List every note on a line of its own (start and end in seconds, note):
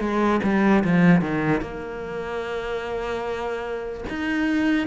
0.00 0.41 G#3
0.43 0.84 G3
0.84 1.21 F3
1.21 1.61 D#3
1.61 4.04 A#3
4.09 4.87 D#4